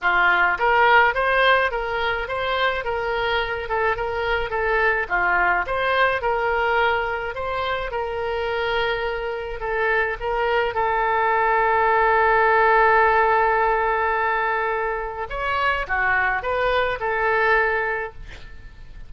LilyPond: \new Staff \with { instrumentName = "oboe" } { \time 4/4 \tempo 4 = 106 f'4 ais'4 c''4 ais'4 | c''4 ais'4. a'8 ais'4 | a'4 f'4 c''4 ais'4~ | ais'4 c''4 ais'2~ |
ais'4 a'4 ais'4 a'4~ | a'1~ | a'2. cis''4 | fis'4 b'4 a'2 | }